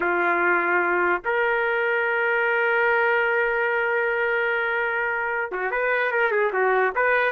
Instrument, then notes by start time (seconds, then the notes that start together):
trumpet
0.00 F4
1.24 A#4
5.51 F#4
5.71 B4
6.11 A#4
6.31 G#4
6.52 F#4
6.95 B4